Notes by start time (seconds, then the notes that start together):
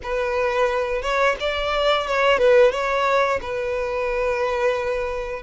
0.02 B4
1.01 C#5
1.40 D5
2.07 C#5
2.38 B4
2.71 C#5
3.41 B4